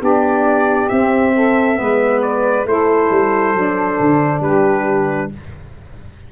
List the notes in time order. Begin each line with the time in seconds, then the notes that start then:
0.00 B3 D4 G4 D5
0.89 C4 E5
1.35 A4
1.75 G#3 B3 B4
2.22 D5
2.65 A3 E4 A4 C5
3.10 G3
3.55 F#3 D4
4.00 D3
4.41 G3 G4 B4